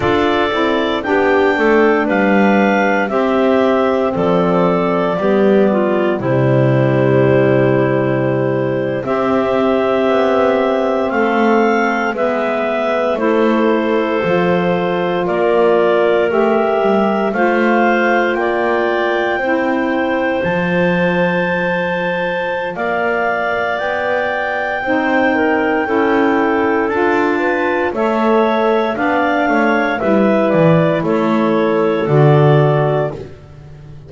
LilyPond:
<<
  \new Staff \with { instrumentName = "clarinet" } { \time 4/4 \tempo 4 = 58 d''4 g''4 f''4 e''4 | d''2 c''2~ | c''8. e''2 f''4 e''16~ | e''8. c''2 d''4 e''16~ |
e''8. f''4 g''2 a''16~ | a''2 f''4 g''4~ | g''2 a''4 e''4 | f''4 e''8 d''8 cis''4 d''4 | }
  \new Staff \with { instrumentName = "clarinet" } { \time 4/4 a'4 g'8 a'8 b'4 g'4 | a'4 g'8 f'8 e'2~ | e'8. g'2 a'4 b'16~ | b'8. a'2 ais'4~ ais'16~ |
ais'8. c''4 d''4 c''4~ c''16~ | c''2 d''2 | c''8 ais'8 a'4. b'8 cis''4 | d''8 cis''8 b'4 a'2 | }
  \new Staff \with { instrumentName = "saxophone" } { \time 4/4 f'8 e'8 d'2 c'4~ | c'4 b4 g2~ | g8. c'2. b16~ | b8. e'4 f'2 g'16~ |
g'8. f'2 e'4 f'16~ | f'1 | dis'4 e'4 f'4 a'4 | d'4 e'2 fis'4 | }
  \new Staff \with { instrumentName = "double bass" } { \time 4/4 d'8 c'8 b8 a8 g4 c'4 | f4 g4 c2~ | c8. c'4 b4 a4 gis16~ | gis8. a4 f4 ais4 a16~ |
a16 g8 a4 ais4 c'4 f16~ | f2 ais4 b4 | c'4 cis'4 d'4 a4 | b8 a8 g8 e8 a4 d4 | }
>>